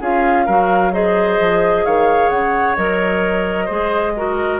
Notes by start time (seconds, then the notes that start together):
0.00 C#4 F4 G#4 F5
0.45 F#3 F#4 A#4
0.92 G#4 C5 D#5
1.40 F3
1.84 D#3 C#5 F5
2.29 C#3 F#5
2.76 F#3 A#4 D#5
3.65 G#3 G#4 C5
4.16 F#4 A#4